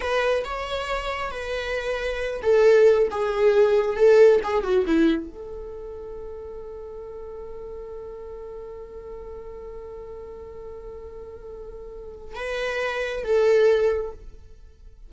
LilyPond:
\new Staff \with { instrumentName = "viola" } { \time 4/4 \tempo 4 = 136 b'4 cis''2 b'4~ | b'4. a'4. gis'4~ | gis'4 a'4 gis'8 fis'8 e'4 | a'1~ |
a'1~ | a'1~ | a'1 | b'2 a'2 | }